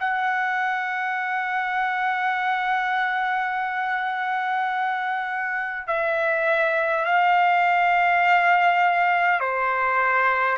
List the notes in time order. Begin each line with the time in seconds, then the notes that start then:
0.00 F#5
5.87 E5
7.05 F5
9.40 C5